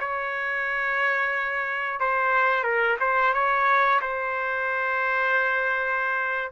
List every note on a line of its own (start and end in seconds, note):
0.00 2.00 C#5
2.00 2.64 C5
2.64 2.97 A#4
3.00 3.33 C5
3.33 4.00 C#5
4.01 6.51 C5